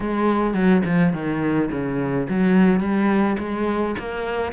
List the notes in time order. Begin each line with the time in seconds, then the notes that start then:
0.00 G#3
0.54 F#3
0.85 F3
1.13 D#3
1.71 C#3
2.29 F#3
2.80 G3
3.38 G#3
3.98 A#3